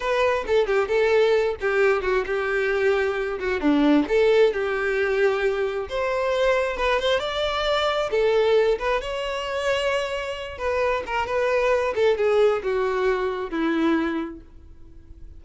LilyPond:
\new Staff \with { instrumentName = "violin" } { \time 4/4 \tempo 4 = 133 b'4 a'8 g'8 a'4. g'8~ | g'8 fis'8 g'2~ g'8 fis'8 | d'4 a'4 g'2~ | g'4 c''2 b'8 c''8 |
d''2 a'4. b'8 | cis''2.~ cis''8 b'8~ | b'8 ais'8 b'4. a'8 gis'4 | fis'2 e'2 | }